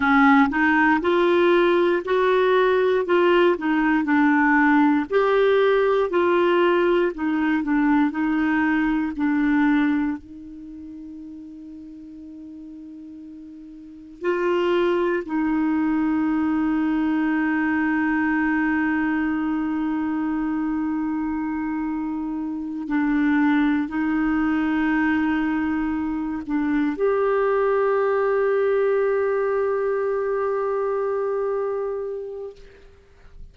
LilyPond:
\new Staff \with { instrumentName = "clarinet" } { \time 4/4 \tempo 4 = 59 cis'8 dis'8 f'4 fis'4 f'8 dis'8 | d'4 g'4 f'4 dis'8 d'8 | dis'4 d'4 dis'2~ | dis'2 f'4 dis'4~ |
dis'1~ | dis'2~ dis'8 d'4 dis'8~ | dis'2 d'8 g'4.~ | g'1 | }